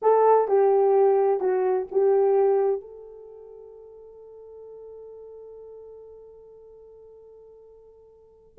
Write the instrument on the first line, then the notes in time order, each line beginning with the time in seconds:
horn
0.01 A4
0.48 G4
1.40 F#4
1.91 G4
2.81 A4